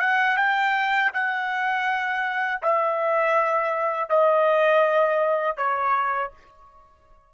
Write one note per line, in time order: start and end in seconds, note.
0.00 0.37 F#5
0.37 1.11 G5
1.13 2.61 F#5
2.62 4.09 E5
4.09 5.57 D#5
5.57 6.31 C#5